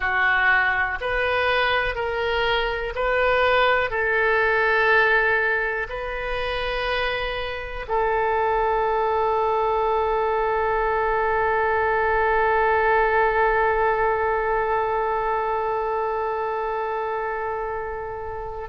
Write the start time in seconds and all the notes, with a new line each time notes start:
0.00 F#4
1.00 B4
1.95 A#4
2.95 B4
3.90 A4
5.89 B4
7.88 A4